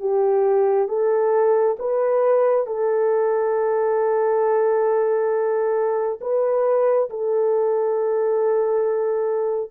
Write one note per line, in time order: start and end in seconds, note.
0.00 0.88 G4
0.88 1.76 A4
1.79 2.67 B4
2.67 6.20 A4
6.21 7.09 B4
7.10 9.71 A4